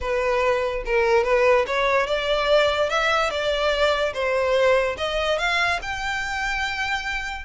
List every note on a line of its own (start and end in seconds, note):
0.00 0.83 B4
0.85 1.24 A#4
1.24 1.65 B4
1.67 2.06 C#5
2.06 2.89 D5
2.89 3.30 E5
3.30 4.13 D5
4.13 4.96 C5
4.97 5.38 D#5
5.38 5.79 F5
5.82 7.45 G5